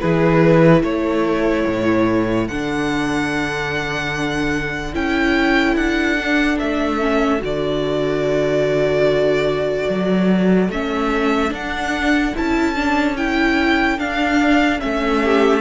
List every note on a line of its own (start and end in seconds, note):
0.00 0.83 E3
0.00 2.47 E4
0.00 0.83 G#4
0.00 0.82 B4
0.83 1.65 A3
0.83 15.21 A4
0.83 2.48 C#5
1.67 2.49 A2
2.48 4.95 D3
2.48 4.94 D4
2.48 4.94 F#5
4.94 5.76 C#4
4.94 6.17 E4
4.94 5.76 G5
5.76 6.58 D4
5.76 6.58 F#5
6.19 7.00 D4
6.59 7.42 A3
6.59 7.41 E5
7.00 7.39 C#4
7.39 9.88 D3
7.39 10.68 F#4
7.39 10.70 D5
9.89 10.69 F#3
10.69 11.51 A3
10.69 11.49 C#4
10.69 11.53 E5
11.49 12.31 D4
11.49 12.33 D4
11.49 12.36 F#5
12.35 13.98 C#4
12.35 12.75 E4
12.35 13.17 A5
12.75 13.16 D4
13.17 13.99 E4
13.17 13.99 G5
13.98 14.80 D4
13.98 14.79 D4
13.98 14.80 F5
14.79 15.61 A3
14.79 15.61 C#4
14.79 15.61 E5
15.23 15.61 G4